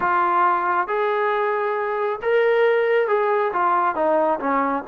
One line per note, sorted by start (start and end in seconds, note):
0.00 0.87 F4
0.87 2.20 G#4
2.22 3.08 A#4
3.08 3.52 G#4
3.53 3.95 F4
3.95 4.39 D#4
4.39 4.83 C#4